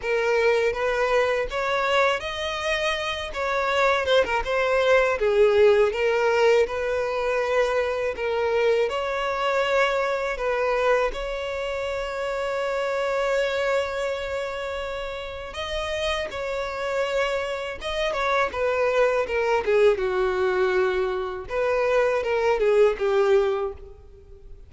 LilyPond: \new Staff \with { instrumentName = "violin" } { \time 4/4 \tempo 4 = 81 ais'4 b'4 cis''4 dis''4~ | dis''8 cis''4 c''16 ais'16 c''4 gis'4 | ais'4 b'2 ais'4 | cis''2 b'4 cis''4~ |
cis''1~ | cis''4 dis''4 cis''2 | dis''8 cis''8 b'4 ais'8 gis'8 fis'4~ | fis'4 b'4 ais'8 gis'8 g'4 | }